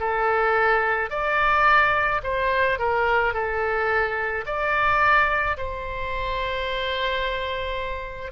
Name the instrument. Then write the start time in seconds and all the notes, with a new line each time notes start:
oboe
0.00 A4
1.10 D5
2.23 C5
2.79 A#4
3.34 A4
4.46 D5
5.57 C5